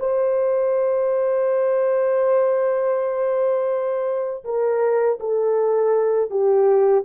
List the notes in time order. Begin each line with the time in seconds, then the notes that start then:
0.00 C5
4.45 A#4
5.21 A4
6.31 G4